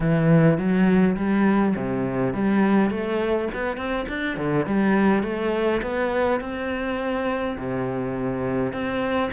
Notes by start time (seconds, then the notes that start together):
0.00 E3
0.57 F#3
1.16 G3
1.76 C3
2.33 G3
2.90 A3
3.53 B3
3.76 C4
4.08 D4
4.37 D3
4.66 G3
5.23 A3
5.81 B3
6.40 C4
7.57 C3
8.72 C4